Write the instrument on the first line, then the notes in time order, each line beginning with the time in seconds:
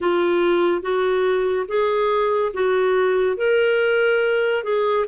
clarinet
0.00 F4
0.82 F#4
1.67 G#4
2.54 F#4
3.36 A#4
4.63 G#4